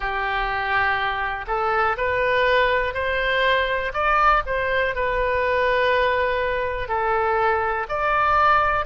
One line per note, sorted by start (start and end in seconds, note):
0.00 1.45 G4
1.47 1.96 A4
1.97 2.93 B4
2.93 3.92 C5
3.93 4.42 D5
4.46 4.94 C5
4.94 6.88 B4
6.88 7.86 A4
7.89 8.85 D5